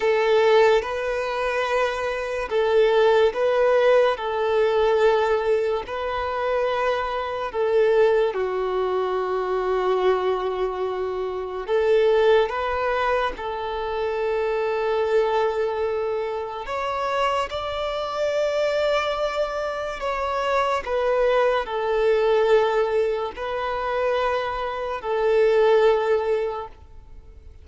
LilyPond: \new Staff \with { instrumentName = "violin" } { \time 4/4 \tempo 4 = 72 a'4 b'2 a'4 | b'4 a'2 b'4~ | b'4 a'4 fis'2~ | fis'2 a'4 b'4 |
a'1 | cis''4 d''2. | cis''4 b'4 a'2 | b'2 a'2 | }